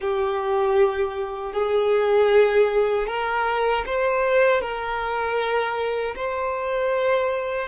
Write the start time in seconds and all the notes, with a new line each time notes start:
0.00 G4
1.53 G#4
3.07 A#4
3.86 C5
4.61 A#4
6.15 C5